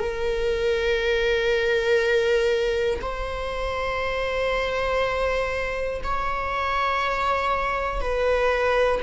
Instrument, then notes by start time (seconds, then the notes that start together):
viola
0.00 A#4
3.02 C5
6.04 C#5
8.01 B4